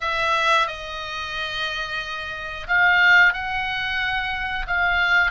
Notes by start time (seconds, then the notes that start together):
0.00 E5
0.67 D#5
2.67 F5
3.33 F#5
4.67 F5